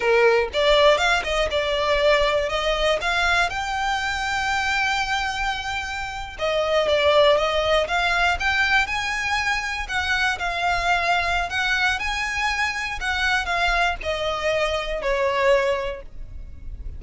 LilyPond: \new Staff \with { instrumentName = "violin" } { \time 4/4 \tempo 4 = 120 ais'4 d''4 f''8 dis''8 d''4~ | d''4 dis''4 f''4 g''4~ | g''1~ | g''8. dis''4 d''4 dis''4 f''16~ |
f''8. g''4 gis''2 fis''16~ | fis''8. f''2~ f''16 fis''4 | gis''2 fis''4 f''4 | dis''2 cis''2 | }